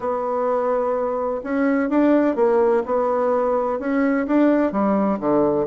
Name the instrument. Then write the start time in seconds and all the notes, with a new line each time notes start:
bassoon
0.00 B3
1.43 C#4
1.89 D4
2.35 A#3
2.85 B3
3.79 C#4
4.26 D4
4.72 G3
5.19 D3